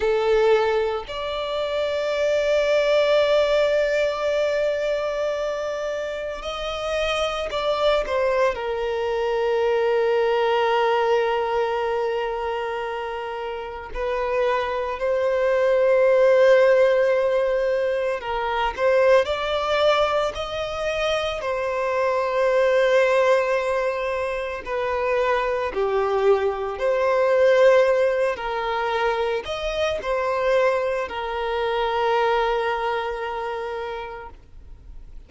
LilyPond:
\new Staff \with { instrumentName = "violin" } { \time 4/4 \tempo 4 = 56 a'4 d''2.~ | d''2 dis''4 d''8 c''8 | ais'1~ | ais'4 b'4 c''2~ |
c''4 ais'8 c''8 d''4 dis''4 | c''2. b'4 | g'4 c''4. ais'4 dis''8 | c''4 ais'2. | }